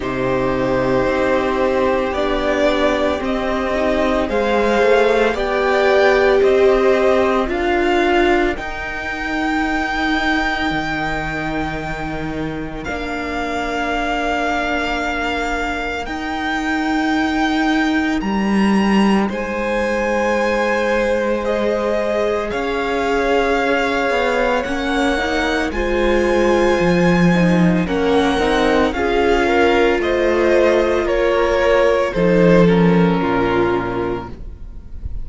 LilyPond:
<<
  \new Staff \with { instrumentName = "violin" } { \time 4/4 \tempo 4 = 56 c''2 d''4 dis''4 | f''4 g''4 dis''4 f''4 | g''1 | f''2. g''4~ |
g''4 ais''4 gis''2 | dis''4 f''2 fis''4 | gis''2 fis''4 f''4 | dis''4 cis''4 c''8 ais'4. | }
  \new Staff \with { instrumentName = "violin" } { \time 4/4 g'1 | c''4 d''4 c''4 ais'4~ | ais'1~ | ais'1~ |
ais'2 c''2~ | c''4 cis''2. | c''2 ais'4 gis'8 ais'8 | c''4 ais'4 a'4 f'4 | }
  \new Staff \with { instrumentName = "viola" } { \time 4/4 dis'2 d'4 c'8 dis'8 | gis'4 g'2 f'4 | dis'1 | d'2. dis'4~ |
dis'1 | gis'2. cis'8 dis'8 | f'4. dis'8 cis'8 dis'8 f'4~ | f'2 dis'8 cis'4. | }
  \new Staff \with { instrumentName = "cello" } { \time 4/4 c4 c'4 b4 c'4 | gis8 a8 b4 c'4 d'4 | dis'2 dis2 | ais2. dis'4~ |
dis'4 g4 gis2~ | gis4 cis'4. b8 ais4 | gis4 f4 ais8 c'8 cis'4 | a4 ais4 f4 ais,4 | }
>>